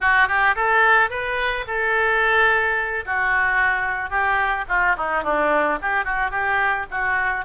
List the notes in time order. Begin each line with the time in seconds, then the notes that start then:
0.01 F#4
0.28 G4
0.55 A4
1.10 B4
1.67 A4
3.05 F#4
4.09 G4
4.68 F4
4.97 D#4
5.23 D4
5.81 G4
6.05 F#4
6.30 G4
6.91 F#4